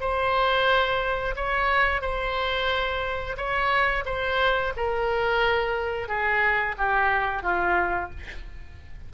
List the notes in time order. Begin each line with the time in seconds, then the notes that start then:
0.00 C5
1.35 C#5
2.01 C5
3.37 C#5
4.05 C5
4.76 A#4
6.08 G#4
6.78 G4
7.42 F4